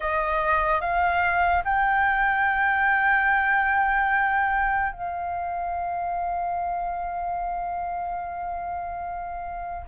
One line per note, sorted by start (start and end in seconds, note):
0.00 0.80 D#5
0.80 1.63 F5
1.64 4.92 G5
4.92 9.85 F5